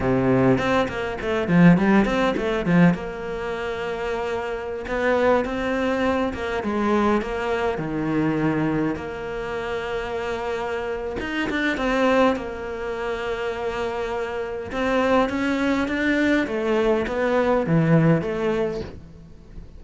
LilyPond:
\new Staff \with { instrumentName = "cello" } { \time 4/4 \tempo 4 = 102 c4 c'8 ais8 a8 f8 g8 c'8 | a8 f8 ais2.~ | ais16 b4 c'4. ais8 gis8.~ | gis16 ais4 dis2 ais8.~ |
ais2. dis'8 d'8 | c'4 ais2.~ | ais4 c'4 cis'4 d'4 | a4 b4 e4 a4 | }